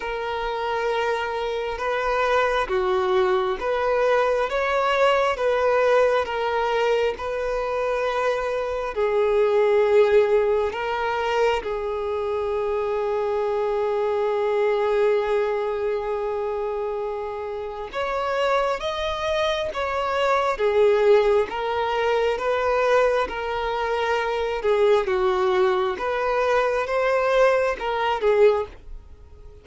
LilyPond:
\new Staff \with { instrumentName = "violin" } { \time 4/4 \tempo 4 = 67 ais'2 b'4 fis'4 | b'4 cis''4 b'4 ais'4 | b'2 gis'2 | ais'4 gis'2.~ |
gis'1 | cis''4 dis''4 cis''4 gis'4 | ais'4 b'4 ais'4. gis'8 | fis'4 b'4 c''4 ais'8 gis'8 | }